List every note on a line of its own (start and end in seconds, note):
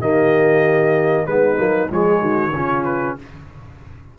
0.00 1.26 D#3
0.00 1.28 A#3
0.00 1.27 G4
0.00 1.27 D#5
1.27 1.58 G#3
1.27 1.57 B3
1.27 1.92 D#4
1.27 1.90 B4
1.57 1.90 F#3
1.57 1.88 A#3
1.90 2.21 F3
1.90 2.53 G#3
1.90 2.21 G#4
1.90 2.85 C#5
2.21 2.52 D#3
2.21 2.52 F#4
2.52 3.15 C#3
2.52 3.19 C#4
2.52 3.18 F4
2.85 3.16 B4